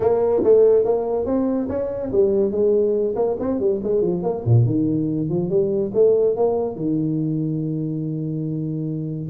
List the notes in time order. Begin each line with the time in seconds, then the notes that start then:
0.00 A#3
0.43 A3
0.84 A#3
1.25 C4
1.68 C#4
2.12 G3
2.51 G#3
3.15 A#3
3.39 C4
3.59 G3
3.83 G#3
4.01 F3
4.23 A#3
4.45 A#2
4.65 D#3
5.29 F3
5.49 G3
5.94 A3
6.36 A#3
6.75 D#3